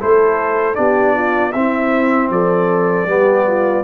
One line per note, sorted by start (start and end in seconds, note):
0.00 0.78 A3
0.00 0.75 E4
0.00 0.78 A4
0.00 0.75 C5
0.75 1.54 B3
0.75 1.52 D4
0.75 1.15 G4
0.75 1.52 D5
1.15 1.53 F4
1.53 2.30 C4
1.53 3.08 C4
1.53 2.32 E4
1.53 2.29 E5
2.30 3.07 F3
2.30 3.09 A4
2.30 3.84 D5
3.07 3.83 G3
3.07 3.84 B3
3.07 3.47 G4
3.47 3.84 F4